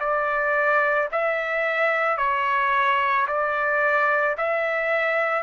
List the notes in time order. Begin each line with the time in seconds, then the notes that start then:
0.00 D5
1.12 E5
2.18 C#5
3.27 D5
4.37 E5